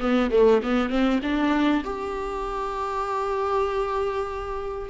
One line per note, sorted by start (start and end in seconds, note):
0.00 0.31 B3
0.31 0.62 A3
0.63 0.90 B3
0.90 1.20 C4
1.23 1.84 D4
1.84 4.90 G4